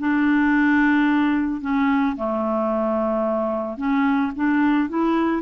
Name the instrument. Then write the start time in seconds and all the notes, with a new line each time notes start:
clarinet
0.00 D4
1.62 C#4
2.17 A3
3.78 C#4
4.36 D4
4.89 E4